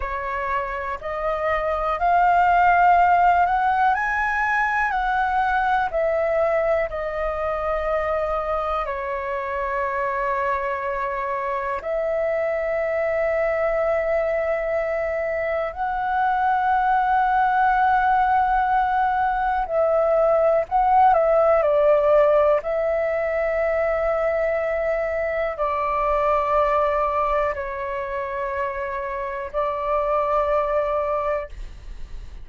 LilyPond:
\new Staff \with { instrumentName = "flute" } { \time 4/4 \tempo 4 = 61 cis''4 dis''4 f''4. fis''8 | gis''4 fis''4 e''4 dis''4~ | dis''4 cis''2. | e''1 |
fis''1 | e''4 fis''8 e''8 d''4 e''4~ | e''2 d''2 | cis''2 d''2 | }